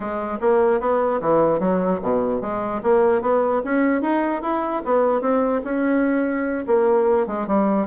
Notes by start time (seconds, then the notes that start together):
0.00 G#3
0.40 A#3
0.80 B3
1.21 E3
1.59 F#3
2.02 B2
2.41 G#3
2.83 A#3
3.21 B3
3.64 C#4
4.01 D#4
4.42 E4
4.84 B3
5.21 C4
5.64 C#4
6.66 A#3
7.27 G#3
7.47 G3